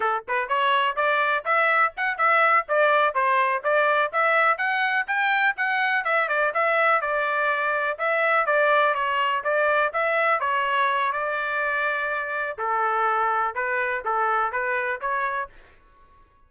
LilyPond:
\new Staff \with { instrumentName = "trumpet" } { \time 4/4 \tempo 4 = 124 a'8 b'8 cis''4 d''4 e''4 | fis''8 e''4 d''4 c''4 d''8~ | d''8 e''4 fis''4 g''4 fis''8~ | fis''8 e''8 d''8 e''4 d''4.~ |
d''8 e''4 d''4 cis''4 d''8~ | d''8 e''4 cis''4. d''4~ | d''2 a'2 | b'4 a'4 b'4 cis''4 | }